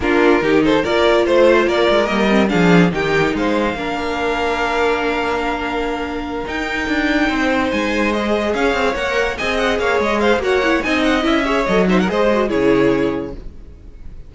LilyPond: <<
  \new Staff \with { instrumentName = "violin" } { \time 4/4 \tempo 4 = 144 ais'4. c''8 d''4 c''4 | d''4 dis''4 f''4 g''4 | f''1~ | f''2.~ f''8 g''8~ |
g''2~ g''8 gis''4 dis''8~ | dis''8 f''4 fis''4 gis''8 fis''8 f''8 | dis''8 f''8 fis''4 gis''8 fis''8 e''4 | dis''8 e''16 fis''16 dis''4 cis''2 | }
  \new Staff \with { instrumentName = "violin" } { \time 4/4 f'4 g'8 a'8 ais'4 c''4 | ais'2 gis'4 g'4 | c''4 ais'2.~ | ais'1~ |
ais'4. c''2~ c''8~ | c''8 cis''2 dis''4 cis''8~ | cis''8 c''8 cis''4 dis''4. cis''8~ | cis''8 c''16 ais'16 c''4 gis'2 | }
  \new Staff \with { instrumentName = "viola" } { \time 4/4 d'4 dis'4 f'2~ | f'4 ais8 c'8 d'4 dis'4~ | dis'4 d'2.~ | d'2.~ d'8 dis'8~ |
dis'2.~ dis'8 gis'8~ | gis'4. ais'4 gis'4.~ | gis'4 fis'8 e'8 dis'4 e'8 gis'8 | a'8 dis'8 gis'8 fis'8 e'2 | }
  \new Staff \with { instrumentName = "cello" } { \time 4/4 ais4 dis4 ais4 a4 | ais8 gis8 g4 f4 dis4 | gis4 ais2.~ | ais2.~ ais8 dis'8~ |
dis'8 d'4 c'4 gis4.~ | gis8 cis'8 c'8 ais4 c'4 ais8 | gis4 ais4 c'4 cis'4 | fis4 gis4 cis2 | }
>>